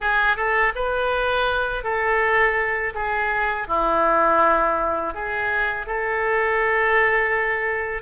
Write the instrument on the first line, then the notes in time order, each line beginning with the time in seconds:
oboe
0.00 G#4
0.36 A4
0.75 B4
1.83 A4
2.94 G#4
3.67 E4
5.14 G#4
5.86 A4